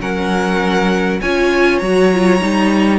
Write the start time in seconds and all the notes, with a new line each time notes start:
0.00 F#3 C#4 A#4 F#5
1.21 C#4 F4 C#5 G#5
1.79 F#3 F#4 A#5
2.14 F4
2.41 G3 D#4